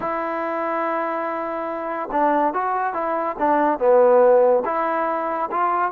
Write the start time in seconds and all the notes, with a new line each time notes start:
0.00 E4
2.11 D4
2.53 F#4
2.93 E4
3.38 D4
3.78 B3
4.65 E4
5.51 F4